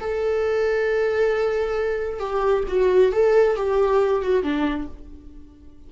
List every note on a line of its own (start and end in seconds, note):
0.00 2.19 A4
2.19 2.64 G4
2.68 3.12 F#4
3.12 3.56 A4
3.56 4.22 G4
4.22 4.43 F#4
4.43 4.87 D4